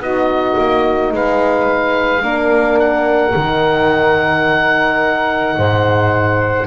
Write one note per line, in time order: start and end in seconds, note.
0.00 0.56 B3
0.00 2.22 D#4
0.00 1.13 F#4
0.00 1.13 D#5
0.58 1.12 A#3
1.12 2.23 G#3
1.12 2.23 B4
1.12 2.80 F5
2.22 3.34 A#3
2.22 3.33 D4
2.22 5.56 A#4
2.80 6.67 F#5
3.35 5.57 D#3
3.35 6.67 D#4
5.57 6.67 G#2
5.57 6.67 C5